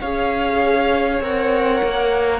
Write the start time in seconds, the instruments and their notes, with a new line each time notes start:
0.00 cello C#4, viola G#4, violin C#5 F5
1.20 cello C4, viola A#4, violin F#5
1.83 cello A#3